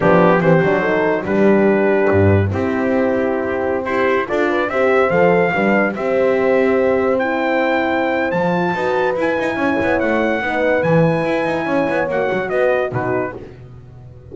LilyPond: <<
  \new Staff \with { instrumentName = "trumpet" } { \time 4/4 \tempo 4 = 144 g'4 c''2 b'4~ | b'2 g'2~ | g'4~ g'16 c''4 d''4 e''8.~ | e''16 f''2 e''4.~ e''16~ |
e''4~ e''16 g''2~ g''8. | a''2 gis''2 | fis''2 gis''2~ | gis''4 fis''4 dis''4 b'4 | }
  \new Staff \with { instrumentName = "horn" } { \time 4/4 d'4 g'4 a'4 g'4~ | g'2 e'2~ | e'4~ e'16 g'4 a'8 b'8 c''8.~ | c''4~ c''16 b'4 c''4.~ c''16~ |
c''1~ | c''4 b'2 cis''4~ | cis''4 b'2. | cis''2 b'4 fis'4 | }
  \new Staff \with { instrumentName = "horn" } { \time 4/4 b4 c'8 d'8 dis'4 d'4~ | d'2 c'2~ | c'2~ c'16 f'4 g'8.~ | g'16 a'4 d'4 g'4.~ g'16~ |
g'4~ g'16 e'2~ e'8. | f'4 fis'4 e'2~ | e'4 dis'4 e'2~ | e'4 fis'2 dis'4 | }
  \new Staff \with { instrumentName = "double bass" } { \time 4/4 f4 e8 fis4. g4~ | g4 g,4 c'2~ | c'4~ c'16 e'4 d'4 c'8.~ | c'16 f4 g4 c'4.~ c'16~ |
c'1 | f4 dis'4 e'8 dis'8 cis'8 b8 | a4 b4 e4 e'8 dis'8 | cis'8 b8 ais8 fis8 b4 b,4 | }
>>